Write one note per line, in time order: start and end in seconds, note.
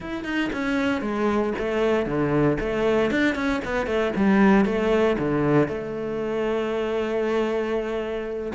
0.00 0.24 E4
0.24 0.50 D#4
0.52 1.01 C#4
1.01 1.53 G#3
1.58 2.05 A3
2.05 2.57 D3
2.60 3.11 A3
3.11 3.35 D4
3.35 3.61 C#4
3.64 3.86 B3
3.86 4.12 A3
4.15 4.65 G3
4.65 5.16 A3
5.18 5.68 D3
5.68 8.52 A3